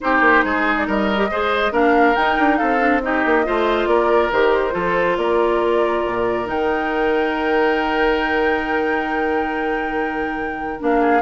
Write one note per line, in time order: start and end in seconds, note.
0.00 0.20 C4
0.00 1.16 D#4
0.00 0.44 G4
0.00 0.76 C5
0.20 0.42 A#3
0.44 0.87 G#3
0.44 0.87 G#4
0.76 0.87 D5
0.87 1.30 G3
0.87 1.30 A#4
0.87 1.74 D#5
1.16 1.27 G4
1.30 1.71 G#3
1.30 1.71 G#4
1.30 1.72 C5
1.71 2.14 A#3
1.71 2.14 D4
1.71 2.58 A#4
1.71 2.15 F5
2.15 2.38 D#4
2.15 2.79 D#4
2.15 2.57 G5
2.38 2.60 D4
2.57 3.25 C4
2.57 3.01 A4
2.57 3.00 F5
2.79 3.00 D4
3.02 3.44 D#4
3.02 3.46 G4
3.02 3.87 D#5
3.25 3.46 A#3
3.44 3.86 A3
3.44 4.30 F4
3.44 3.88 C5
3.86 4.29 A#3
3.86 4.73 A#4
3.86 4.30 D5
4.31 4.73 D#3
4.31 4.71 G4
4.31 5.17 C5
4.71 5.17 F3
4.71 6.44 F4
4.71 5.16 A4
5.17 6.03 A#3
5.17 11.00 A#4
5.17 6.46 D5
6.06 6.47 A#2
6.44 10.78 D#3
6.44 10.76 D#4
6.44 10.80 G5
10.79 11.22 A#3
10.79 11.22 D4
10.79 11.22 F5
11.00 11.22 G#4